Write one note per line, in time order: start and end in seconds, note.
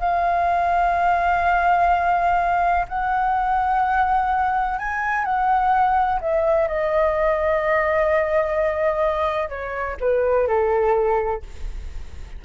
0.00 2.86 F5
2.88 4.78 F#5
4.78 5.24 G#5
5.24 6.19 F#5
6.21 6.68 E5
6.68 9.49 D#5
9.49 9.97 C#5
10.00 10.47 B4
10.47 11.42 A4